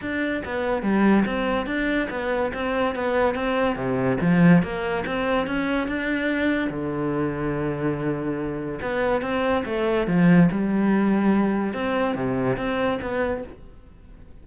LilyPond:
\new Staff \with { instrumentName = "cello" } { \time 4/4 \tempo 4 = 143 d'4 b4 g4 c'4 | d'4 b4 c'4 b4 | c'4 c4 f4 ais4 | c'4 cis'4 d'2 |
d1~ | d4 b4 c'4 a4 | f4 g2. | c'4 c4 c'4 b4 | }